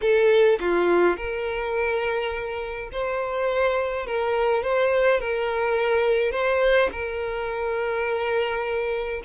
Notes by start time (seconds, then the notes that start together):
0.01 A4
0.60 F4
1.16 A#4
2.92 C5
4.06 A#4
4.63 C5
5.19 A#4
6.31 C5
6.92 A#4